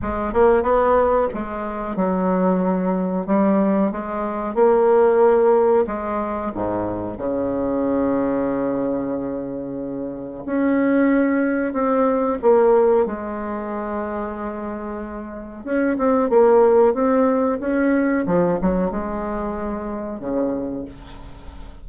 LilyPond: \new Staff \with { instrumentName = "bassoon" } { \time 4/4 \tempo 4 = 92 gis8 ais8 b4 gis4 fis4~ | fis4 g4 gis4 ais4~ | ais4 gis4 gis,4 cis4~ | cis1 |
cis'2 c'4 ais4 | gis1 | cis'8 c'8 ais4 c'4 cis'4 | f8 fis8 gis2 cis4 | }